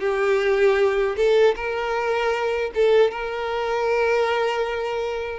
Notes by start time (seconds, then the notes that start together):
0.00 G4
1.16 A4
1.56 A#4
2.74 A4
3.10 A#4